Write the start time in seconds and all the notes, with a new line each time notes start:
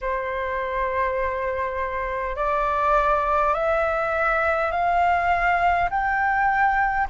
0.01 C5
2.36 D5
3.53 E5
4.71 F5
5.90 G5